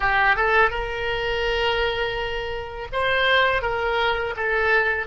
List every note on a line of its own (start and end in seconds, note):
0.00 0.35 G4
0.35 0.70 A4
0.70 2.87 A#4
2.92 3.62 C5
3.62 4.34 A#4
4.36 5.06 A4